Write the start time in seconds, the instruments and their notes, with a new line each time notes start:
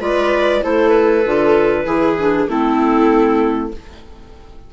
0.00 bassoon G#3, clarinet F4 D5, viola B4
0.62 bassoon A3, clarinet E4 C5, viola A4
0.89 clarinet B4
1.26 bassoon D3, clarinet F4
1.85 bassoon E3, clarinet E4, viola G#4
2.19 clarinet D4
2.48 bassoon A3, clarinet C4 A4, viola E4